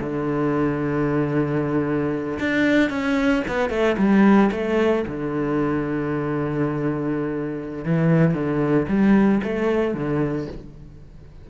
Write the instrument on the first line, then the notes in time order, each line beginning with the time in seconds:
cello
0.00 D3
2.40 D4
2.90 C#4
3.48 B3
3.70 A3
3.98 G3
4.52 A3
5.07 D3
7.85 E3
8.34 D3
8.88 G3
9.43 A3
9.94 D3